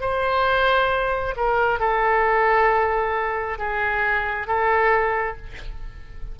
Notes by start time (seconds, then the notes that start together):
0.00 C5
1.36 A#4
1.79 A4
3.58 G#4
4.47 A4